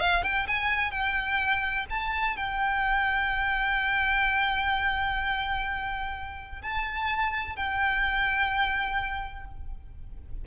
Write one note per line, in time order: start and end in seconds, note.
0.00 0.23 F5
0.23 0.47 G5
0.47 0.91 G#5
0.91 1.86 G5
1.90 2.36 A5
2.36 6.61 G5
6.62 7.56 A5
7.56 9.45 G5